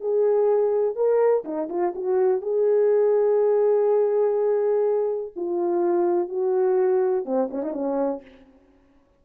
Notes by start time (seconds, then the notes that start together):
0.00 G#4
0.96 A#4
1.44 D#4
1.69 F4
1.95 F#4
2.41 G#4
5.36 F4
6.29 F#4
7.25 C4
7.50 C#4
7.63 D#4
7.73 C#4